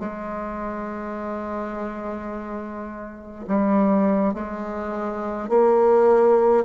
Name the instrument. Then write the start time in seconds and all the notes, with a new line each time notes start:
bassoon
0.00 G#3
3.48 G3
4.34 G#3
5.50 A#3